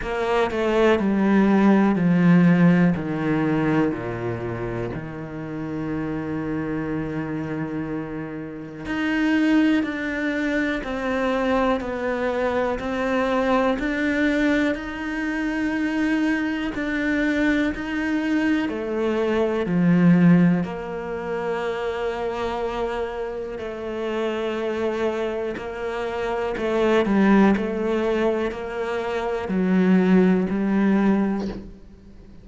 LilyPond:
\new Staff \with { instrumentName = "cello" } { \time 4/4 \tempo 4 = 61 ais8 a8 g4 f4 dis4 | ais,4 dis2.~ | dis4 dis'4 d'4 c'4 | b4 c'4 d'4 dis'4~ |
dis'4 d'4 dis'4 a4 | f4 ais2. | a2 ais4 a8 g8 | a4 ais4 fis4 g4 | }